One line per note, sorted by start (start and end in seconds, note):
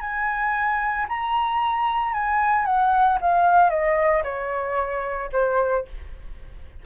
0.00 1.06 G#5
1.08 2.13 A#5
2.13 2.65 G#5
2.65 3.18 F#5
3.21 3.70 F5
3.70 4.23 D#5
4.23 5.30 C#5
5.32 5.85 C5